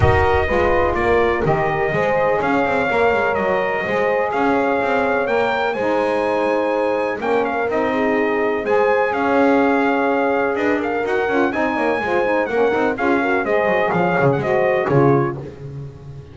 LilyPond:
<<
  \new Staff \with { instrumentName = "trumpet" } { \time 4/4 \tempo 4 = 125 dis''2 d''4 dis''4~ | dis''4 f''2 dis''4~ | dis''4 f''2 g''4 | gis''2. g''8 f''8 |
dis''2 gis''4 f''4~ | f''2 dis''8 f''8 fis''4 | gis''2 fis''4 f''4 | dis''4 f''8. fis''16 dis''4 cis''4 | }
  \new Staff \with { instrumentName = "horn" } { \time 4/4 ais'4 b'4 ais'2 | c''4 cis''2. | c''4 cis''2. | c''2. ais'4~ |
ais'8 gis'4. c''4 cis''4~ | cis''2 b'8 ais'4. | dis''8 cis''8 c''4 ais'4 gis'8 ais'8 | c''4 cis''4 c''4 gis'4 | }
  \new Staff \with { instrumentName = "saxophone" } { \time 4/4 fis'4 f'2 g'4 | gis'2 ais'2 | gis'2. ais'4 | dis'2. cis'4 |
dis'2 gis'2~ | gis'2. fis'8 f'8 | dis'4 f'8 dis'8 cis'8 dis'8 f'8 fis'8 | gis'2 fis'4 f'4 | }
  \new Staff \with { instrumentName = "double bass" } { \time 4/4 dis'4 gis4 ais4 dis4 | gis4 cis'8 c'8 ais8 gis8 fis4 | gis4 cis'4 c'4 ais4 | gis2. ais4 |
c'2 gis4 cis'4~ | cis'2 d'4 dis'8 cis'8 | c'8 ais8 gis4 ais8 c'8 cis'4 | gis8 fis8 f8 cis8 gis4 cis4 | }
>>